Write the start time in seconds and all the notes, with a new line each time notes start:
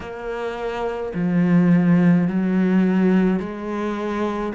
0.00 A#3
1.14 F3
2.27 F#3
3.40 G#3